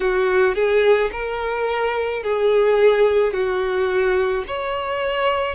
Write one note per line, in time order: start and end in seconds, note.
0.00 0.55 F#4
0.55 1.10 G#4
1.12 2.23 A#4
2.23 3.33 G#4
3.33 4.44 F#4
4.47 5.55 C#5